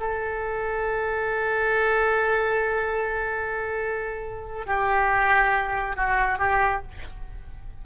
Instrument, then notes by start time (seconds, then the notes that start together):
oboe
0.00 A4
4.67 G4
5.96 F#4
6.39 G4